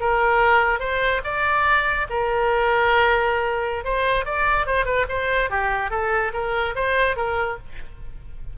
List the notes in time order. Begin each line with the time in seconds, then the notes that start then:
0.00 A#4
0.80 C5
1.24 D5
2.10 A#4
3.84 C5
4.25 D5
4.66 C5
4.85 B4
5.08 C5
5.50 G4
5.90 A4
6.33 A#4
6.75 C5
7.16 A#4